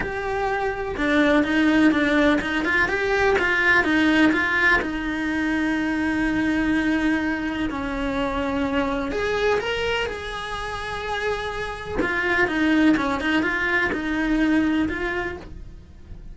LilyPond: \new Staff \with { instrumentName = "cello" } { \time 4/4 \tempo 4 = 125 g'2 d'4 dis'4 | d'4 dis'8 f'8 g'4 f'4 | dis'4 f'4 dis'2~ | dis'1 |
cis'2. gis'4 | ais'4 gis'2.~ | gis'4 f'4 dis'4 cis'8 dis'8 | f'4 dis'2 f'4 | }